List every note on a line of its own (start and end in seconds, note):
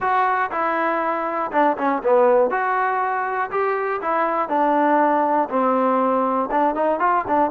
0.00 0.50 F#4
0.51 1.51 E4
1.51 1.76 D4
1.77 2.02 C#4
2.03 2.50 B3
2.50 3.50 F#4
3.50 4.00 G4
4.01 4.48 E4
4.48 5.48 D4
5.49 6.49 C4
6.51 6.74 D4
6.74 6.99 D#4
6.99 7.24 F4
7.27 7.50 D4